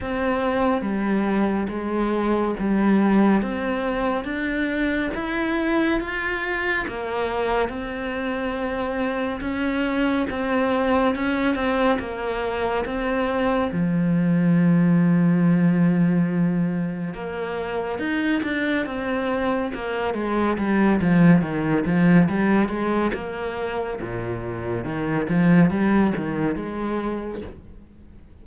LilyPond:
\new Staff \with { instrumentName = "cello" } { \time 4/4 \tempo 4 = 70 c'4 g4 gis4 g4 | c'4 d'4 e'4 f'4 | ais4 c'2 cis'4 | c'4 cis'8 c'8 ais4 c'4 |
f1 | ais4 dis'8 d'8 c'4 ais8 gis8 | g8 f8 dis8 f8 g8 gis8 ais4 | ais,4 dis8 f8 g8 dis8 gis4 | }